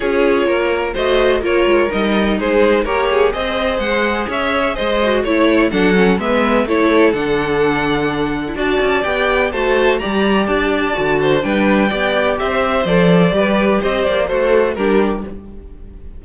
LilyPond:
<<
  \new Staff \with { instrumentName = "violin" } { \time 4/4 \tempo 4 = 126 cis''2 dis''4 cis''4 | dis''4 c''4 ais'8 gis'8 dis''4 | fis''4 e''4 dis''4 cis''4 | fis''4 e''4 cis''4 fis''4~ |
fis''2 a''4 g''4 | a''4 ais''4 a''2 | g''2 e''4 d''4~ | d''4 dis''8 d''8 c''4 ais'4 | }
  \new Staff \with { instrumentName = "violin" } { \time 4/4 gis'4 ais'4 c''4 ais'4~ | ais'4 gis'4 cis''4 c''4~ | c''4 cis''4 c''4 cis''4 | a'4 b'4 a'2~ |
a'2 d''2 | c''4 d''2~ d''8 c''8 | b'4 d''4 c''2 | b'4 c''4 fis'4 g'4 | }
  \new Staff \with { instrumentName = "viola" } { \time 4/4 f'2 fis'4 f'4 | dis'2 g'4 gis'4~ | gis'2~ gis'8 fis'8 e'4 | d'8 cis'8 b4 e'4 d'4~ |
d'4.~ d'16 e'16 fis'4 g'4 | fis'4 g'2 fis'4 | d'4 g'2 a'4 | g'2 a'4 d'4 | }
  \new Staff \with { instrumentName = "cello" } { \time 4/4 cis'4 ais4 a4 ais8 gis8 | g4 gis4 ais4 c'4 | gis4 cis'4 gis4 a4 | fis4 gis4 a4 d4~ |
d2 d'8 cis'8 b4 | a4 g4 d'4 d4 | g4 b4 c'4 f4 | g4 c'8 ais8 a4 g4 | }
>>